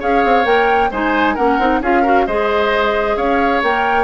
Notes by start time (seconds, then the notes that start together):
0.00 C#4 G#4 C#5 F5
0.25 C4
0.45 A#3 A#4 G5
0.91 G#3 D#4 C5 G#5
1.35 A#3 C#4 A#4 F#5
1.59 C4 D#4
1.81 C#4 F4 G#4 F5
2.02 F#4 A#4
2.27 G#3 G#4 C5 D#5
3.17 C#4 C#5 F5
3.63 A#3 A#4 G5